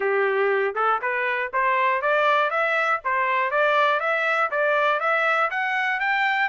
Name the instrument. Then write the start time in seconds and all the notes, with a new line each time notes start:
trumpet
0.00 G4
0.74 A4
1.01 B4
1.53 C5
2.01 D5
2.50 E5
3.04 C5
3.50 D5
4.00 E5
4.50 D5
5.00 E5
5.50 F#5
6.00 G5